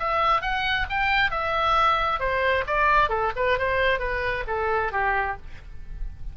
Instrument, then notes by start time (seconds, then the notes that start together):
oboe
0.00 E5
0.42 F#5
0.90 G5
1.31 E5
2.20 C5
2.67 D5
3.10 A4
3.36 B4
3.59 C5
4.00 B4
4.48 A4
4.92 G4